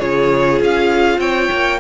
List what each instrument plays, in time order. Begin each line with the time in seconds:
0.00 cello C#3, viola F4, violin G#4 C#5
0.61 cello C#4, violin F5
1.19 cello C4, violin C#5 G5
1.52 cello A#3